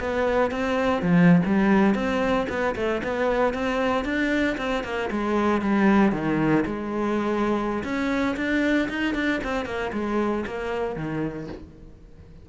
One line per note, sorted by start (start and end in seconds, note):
0.00 0.51 B3
0.51 1.02 C4
1.02 1.42 F3
1.46 1.95 G3
1.95 2.47 C4
2.49 2.75 B3
2.76 3.02 A3
3.04 3.54 B3
3.54 4.05 C4
4.05 4.57 D4
4.58 4.84 C4
4.84 5.10 A#3
5.11 5.62 G#3
5.62 6.13 G3
6.13 6.65 D#3
6.66 7.84 G#3
7.84 8.36 C#4
8.37 8.89 D4
8.89 9.15 D#4
9.15 9.41 D4
9.44 9.65 C4
9.65 9.92 A#3
9.93 10.45 G#3
10.47 10.96 A#3
10.96 11.48 D#3